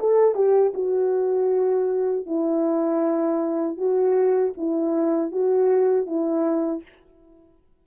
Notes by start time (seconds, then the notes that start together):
0.00 A4
0.36 G4
0.75 F#4
2.26 E4
3.77 F#4
4.58 E4
5.32 F#4
6.07 E4